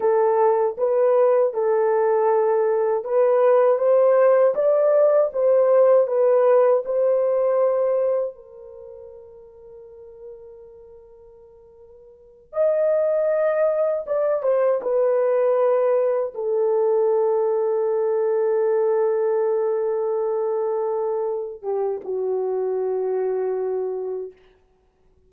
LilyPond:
\new Staff \with { instrumentName = "horn" } { \time 4/4 \tempo 4 = 79 a'4 b'4 a'2 | b'4 c''4 d''4 c''4 | b'4 c''2 ais'4~ | ais'1~ |
ais'8 dis''2 d''8 c''8 b'8~ | b'4. a'2~ a'8~ | a'1~ | a'8 g'8 fis'2. | }